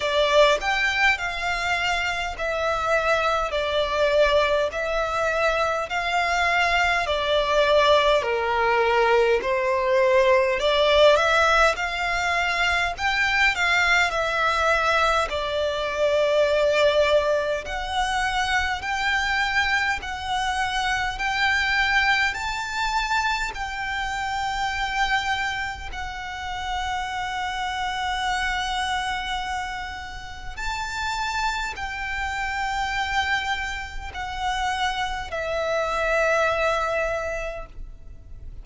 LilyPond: \new Staff \with { instrumentName = "violin" } { \time 4/4 \tempo 4 = 51 d''8 g''8 f''4 e''4 d''4 | e''4 f''4 d''4 ais'4 | c''4 d''8 e''8 f''4 g''8 f''8 | e''4 d''2 fis''4 |
g''4 fis''4 g''4 a''4 | g''2 fis''2~ | fis''2 a''4 g''4~ | g''4 fis''4 e''2 | }